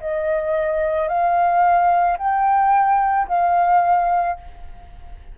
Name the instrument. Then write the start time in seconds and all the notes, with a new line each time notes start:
flute
0.00 D#5
1.08 F5
2.18 G5
3.27 F5